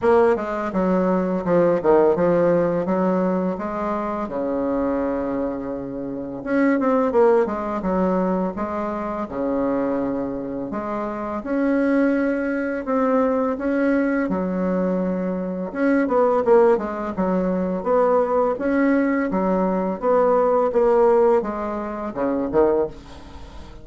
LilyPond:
\new Staff \with { instrumentName = "bassoon" } { \time 4/4 \tempo 4 = 84 ais8 gis8 fis4 f8 dis8 f4 | fis4 gis4 cis2~ | cis4 cis'8 c'8 ais8 gis8 fis4 | gis4 cis2 gis4 |
cis'2 c'4 cis'4 | fis2 cis'8 b8 ais8 gis8 | fis4 b4 cis'4 fis4 | b4 ais4 gis4 cis8 dis8 | }